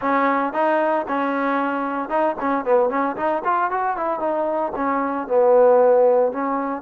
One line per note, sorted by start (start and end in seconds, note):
0.01 0.53 C#4
0.53 1.06 D#4
1.08 2.09 C#4
2.09 2.35 D#4
2.39 2.65 C#4
2.65 2.89 B3
2.89 3.16 C#4
3.16 3.42 D#4
3.44 3.71 F4
3.71 3.96 F#4
3.96 4.19 E4
4.19 4.72 D#4
4.75 5.27 C#4
5.27 6.32 B3
6.32 6.82 C#4